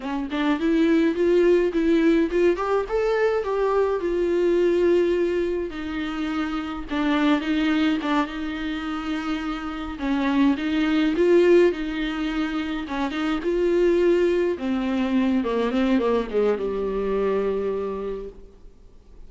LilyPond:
\new Staff \with { instrumentName = "viola" } { \time 4/4 \tempo 4 = 105 cis'8 d'8 e'4 f'4 e'4 | f'8 g'8 a'4 g'4 f'4~ | f'2 dis'2 | d'4 dis'4 d'8 dis'4.~ |
dis'4. cis'4 dis'4 f'8~ | f'8 dis'2 cis'8 dis'8 f'8~ | f'4. c'4. ais8 c'8 | ais8 gis8 g2. | }